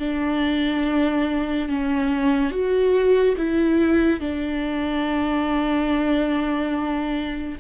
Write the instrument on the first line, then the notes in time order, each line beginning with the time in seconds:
viola
0.00 D4
1.69 C#4
2.51 F#4
3.38 E4
4.21 D4